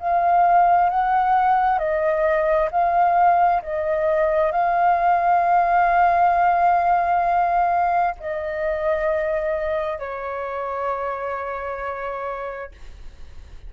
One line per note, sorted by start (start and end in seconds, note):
0.00 0.90 F5
0.90 1.79 F#5
1.79 2.69 D#5
2.71 3.62 F5
3.63 4.52 D#5
4.52 8.16 F5
8.21 9.99 D#5
9.99 12.72 C#5